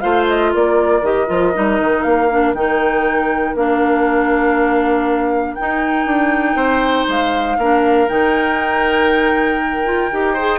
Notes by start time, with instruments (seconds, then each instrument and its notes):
0.00 bassoon A3, clarinet F4, oboe C5, flute F5
0.28 flute D#5
0.52 bassoon A#3, oboe A#4, flute D5
1.02 bassoon D#3, clarinet G4, flute D#5
1.27 bassoon F3, clarinet F4
1.54 bassoon G3, clarinet D#4
1.80 bassoon D#3
2.02 bassoon A#3, flute F5
2.30 clarinet D4
2.54 bassoon D#3, clarinet D#4, flute G5
3.55 bassoon A#3, clarinet D4, flute F5
5.55 clarinet D#4, bassoon D#4, flute G5
6.06 bassoon D4
6.55 bassoon C4, oboe C5
7.08 bassoon G#3, flute F5
7.57 bassoon A#3, clarinet D4, oboe A#4
8.08 bassoon D#3, clarinet D#4, flute G5
9.85 clarinet F4
10.12 bassoon D#4, clarinet G4
10.34 clarinet G#4, oboe C5